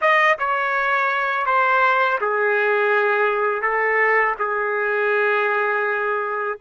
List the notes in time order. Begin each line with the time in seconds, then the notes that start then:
0.01 D#5
0.39 C#5
1.45 C5
2.21 G#4
3.62 A4
4.38 G#4